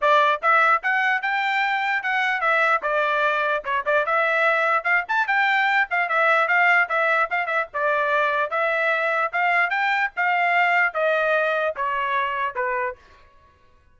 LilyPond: \new Staff \with { instrumentName = "trumpet" } { \time 4/4 \tempo 4 = 148 d''4 e''4 fis''4 g''4~ | g''4 fis''4 e''4 d''4~ | d''4 cis''8 d''8 e''2 | f''8 a''8 g''4. f''8 e''4 |
f''4 e''4 f''8 e''8 d''4~ | d''4 e''2 f''4 | g''4 f''2 dis''4~ | dis''4 cis''2 b'4 | }